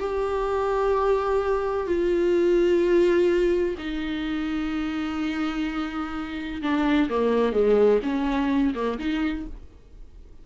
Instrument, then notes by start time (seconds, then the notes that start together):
viola
0.00 G4
1.87 F4
3.78 D#4
6.62 D4
7.10 A#3
7.52 G#3
8.03 C#4
8.75 A#3
8.99 D#4